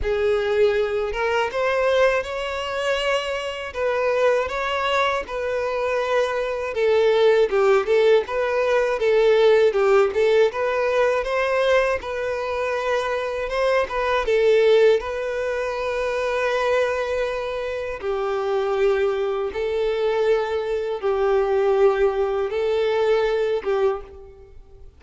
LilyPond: \new Staff \with { instrumentName = "violin" } { \time 4/4 \tempo 4 = 80 gis'4. ais'8 c''4 cis''4~ | cis''4 b'4 cis''4 b'4~ | b'4 a'4 g'8 a'8 b'4 | a'4 g'8 a'8 b'4 c''4 |
b'2 c''8 b'8 a'4 | b'1 | g'2 a'2 | g'2 a'4. g'8 | }